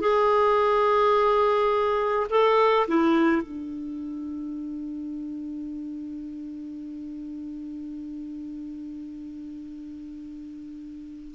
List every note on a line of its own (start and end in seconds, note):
0.00 2.26 G#4
2.30 2.87 A4
2.88 3.42 E4
3.42 11.35 D4